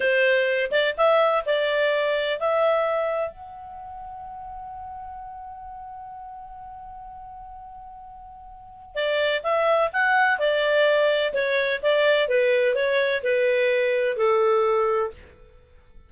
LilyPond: \new Staff \with { instrumentName = "clarinet" } { \time 4/4 \tempo 4 = 127 c''4. d''8 e''4 d''4~ | d''4 e''2 fis''4~ | fis''1~ | fis''1~ |
fis''2. d''4 | e''4 fis''4 d''2 | cis''4 d''4 b'4 cis''4 | b'2 a'2 | }